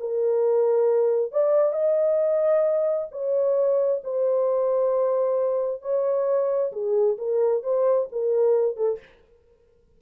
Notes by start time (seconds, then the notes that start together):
0.00 A#4
1.32 D5
1.73 D#5
3.11 C#5
4.04 C5
5.82 C#5
6.72 G#4
7.18 A#4
7.63 C5
8.12 A#4
8.77 A4